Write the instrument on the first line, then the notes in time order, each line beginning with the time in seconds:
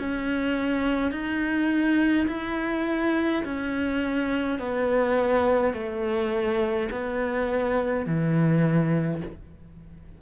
cello
0.00 C#4
1.12 D#4
2.28 E4
3.45 C#4
4.59 B3
5.74 A3
6.91 B3
8.06 E3